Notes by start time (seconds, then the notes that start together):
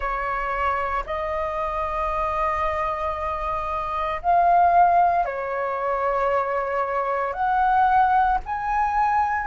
0.00 C#5
1.05 D#5
4.22 F5
5.25 C#5
7.33 F#5
8.45 G#5